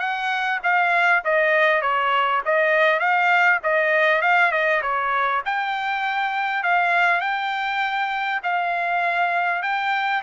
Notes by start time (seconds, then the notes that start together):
0.00 F#5
0.64 F5
1.25 D#5
1.82 C#5
2.45 D#5
3.00 F5
3.64 D#5
4.22 F5
4.52 D#5
4.82 C#5
5.45 G5
6.64 F5
7.21 G5
8.43 F5
9.63 G5